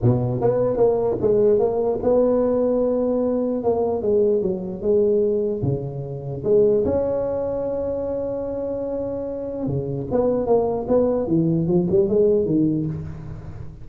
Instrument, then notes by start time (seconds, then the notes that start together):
tuba
0.02 B2
0.40 B3
0.76 A#3
1.21 G#3
1.59 A#3
2.02 B3
3.63 A#3
4.02 G#3
4.42 F#3
4.81 G#3
5.62 C#3
6.44 G#3
6.85 C#4
9.66 C#3
10.11 B3
10.46 A#3
10.87 B3
11.27 E3
11.67 F3
11.89 G3
12.08 G#3
12.45 D#3